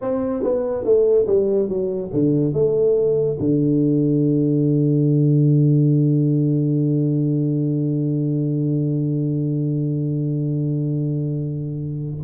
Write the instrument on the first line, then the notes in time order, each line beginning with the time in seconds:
tuba
0.01 C4
0.43 B3
0.84 A3
1.26 G3
1.69 F#3
2.13 D3
2.53 A3
3.39 D3